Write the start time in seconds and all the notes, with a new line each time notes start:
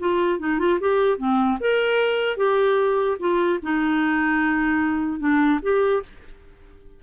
0.00 F4
0.40 D#4
0.59 F4
0.81 G4
1.18 C4
1.61 A#4
2.37 G4
3.20 F4
3.63 D#4
5.20 D4
5.62 G4